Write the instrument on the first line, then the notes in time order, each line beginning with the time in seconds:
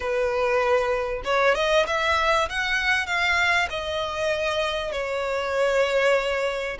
violin
0.00 B4
1.24 C#5
1.55 D#5
1.86 E5
2.49 F#5
3.06 F5
3.69 D#5
4.92 C#5